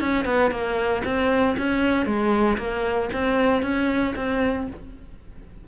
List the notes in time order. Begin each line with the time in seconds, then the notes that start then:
0.00 C#4
0.25 B3
0.51 A#3
1.04 C4
1.58 C#4
2.06 G#3
2.58 A#3
3.13 C4
3.62 C#4
4.15 C4